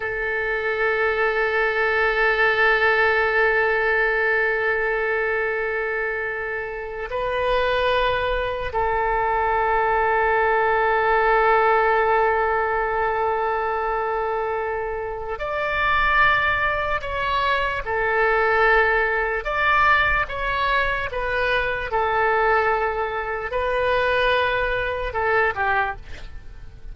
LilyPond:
\new Staff \with { instrumentName = "oboe" } { \time 4/4 \tempo 4 = 74 a'1~ | a'1~ | a'8. b'2 a'4~ a'16~ | a'1~ |
a'2. d''4~ | d''4 cis''4 a'2 | d''4 cis''4 b'4 a'4~ | a'4 b'2 a'8 g'8 | }